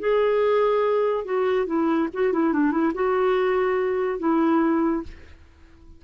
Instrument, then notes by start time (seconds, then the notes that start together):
clarinet
0.00 G#4
1.25 F#4
1.66 E4
2.14 F#4
2.33 E4
2.53 D4
2.72 E4
2.95 F#4
4.19 E4